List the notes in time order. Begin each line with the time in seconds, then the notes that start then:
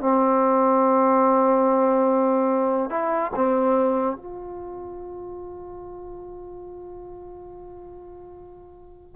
0.00 C4
2.90 E4
3.35 C4
4.16 F4